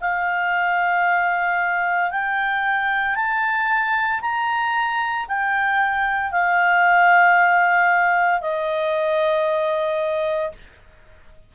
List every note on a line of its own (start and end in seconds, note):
0.00 2.11 F5
2.11 3.15 G5
3.15 4.21 A5
4.21 5.26 A#5
5.28 6.32 G5
6.32 8.41 F5
8.41 10.51 D#5